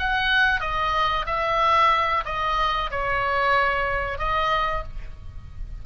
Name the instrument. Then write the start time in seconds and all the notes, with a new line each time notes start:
oboe
0.00 F#5
0.61 D#5
1.27 E5
2.26 D#5
2.91 C#5
4.19 D#5